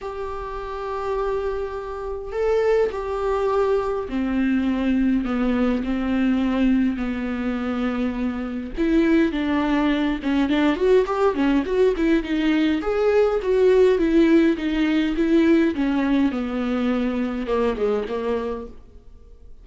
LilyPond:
\new Staff \with { instrumentName = "viola" } { \time 4/4 \tempo 4 = 103 g'1 | a'4 g'2 c'4~ | c'4 b4 c'2 | b2. e'4 |
d'4. cis'8 d'8 fis'8 g'8 cis'8 | fis'8 e'8 dis'4 gis'4 fis'4 | e'4 dis'4 e'4 cis'4 | b2 ais8 gis8 ais4 | }